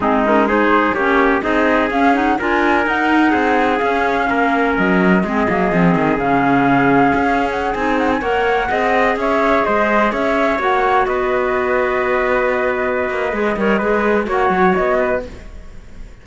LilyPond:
<<
  \new Staff \with { instrumentName = "flute" } { \time 4/4 \tempo 4 = 126 gis'8 ais'8 c''4 cis''4 dis''4 | f''8 fis''8 gis''4 fis''2 | f''2 dis''2~ | dis''4 f''2~ f''8. fis''16~ |
fis''16 gis''8 fis''16 gis''16 fis''2 e''8.~ | e''16 dis''4 e''4 fis''4 dis''8.~ | dis''1~ | dis''2 fis''4 dis''4 | }
  \new Staff \with { instrumentName = "trumpet" } { \time 4/4 dis'4 gis'4 g'4 gis'4~ | gis'4 ais'2 gis'4~ | gis'4 ais'2 gis'4~ | gis'1~ |
gis'4~ gis'16 cis''4 dis''4 cis''8.~ | cis''16 c''4 cis''2 b'8.~ | b'1~ | b'8 cis''8 b'4 cis''4. b'8 | }
  \new Staff \with { instrumentName = "clarinet" } { \time 4/4 c'8 cis'8 dis'4 cis'4 dis'4 | cis'8 dis'8 f'4 dis'2 | cis'2. c'8 ais8 | c'4 cis'2.~ |
cis'16 dis'4 ais'4 gis'4.~ gis'16~ | gis'2~ gis'16 fis'4.~ fis'16~ | fis'1 | gis'8 ais'8 gis'4 fis'2 | }
  \new Staff \with { instrumentName = "cello" } { \time 4/4 gis2 ais4 c'4 | cis'4 d'4 dis'4 c'4 | cis'4 ais4 fis4 gis8 fis8 | f8 dis8 cis2 cis'4~ |
cis'16 c'4 ais4 c'4 cis'8.~ | cis'16 gis4 cis'4 ais4 b8.~ | b2.~ b8 ais8 | gis8 g8 gis4 ais8 fis8 b4 | }
>>